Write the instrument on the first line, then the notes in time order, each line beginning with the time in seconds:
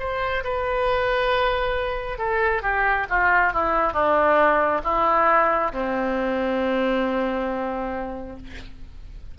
oboe
0.00 C5
0.44 B4
2.19 A4
2.63 G4
3.10 F4
3.53 E4
3.94 D4
4.84 E4
5.73 C4